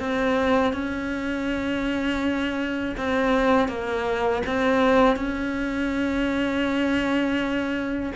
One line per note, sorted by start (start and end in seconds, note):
0.00 0.73 C4
0.73 2.95 C#4
2.97 3.68 C4
3.68 4.42 A#3
4.46 5.16 C4
5.16 8.13 C#4